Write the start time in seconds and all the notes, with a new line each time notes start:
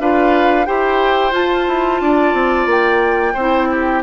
0.00 D4 F4 B4 F5
0.66 E4 G4 C5 G5
1.32 F4 A5
1.68 E4
2.01 D4 D5
2.34 C4
2.67 A#3 G5
3.34 C4 C5
3.40 E4
3.72 G4